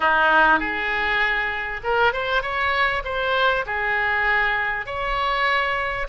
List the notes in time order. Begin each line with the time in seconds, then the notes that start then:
0.00 D#4
0.59 G#4
1.83 A#4
2.12 C5
2.42 C#5
3.04 C5
3.65 G#4
4.85 C#5